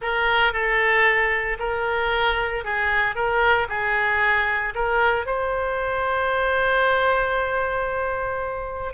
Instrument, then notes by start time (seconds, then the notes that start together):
oboe
0.01 A#4
0.52 A4
1.59 A#4
2.64 G#4
3.15 A#4
3.68 G#4
4.75 A#4
5.26 C5